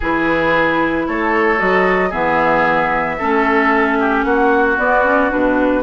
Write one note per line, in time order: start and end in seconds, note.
0.00 1.08 E3
0.00 1.58 E4
0.00 1.06 G#4
0.00 1.07 B4
1.07 1.61 A3
1.07 2.09 A4
1.07 1.59 C#5
1.58 2.12 F#3
1.58 2.11 F#4
1.58 2.12 D#5
2.09 3.18 E3
2.09 3.17 B3
2.09 3.15 G#4
2.09 4.23 E5
3.18 4.24 A3
3.18 4.78 C#4
3.18 3.98 A4
3.99 4.25 G4
4.23 4.77 A#3
4.23 5.82 F#4
4.23 4.76 F#5
4.77 5.31 B3
4.77 5.04 B3
4.77 5.31 D5
5.04 5.29 C#4
5.29 5.82 B2
5.29 5.82 D4
5.29 5.82 B4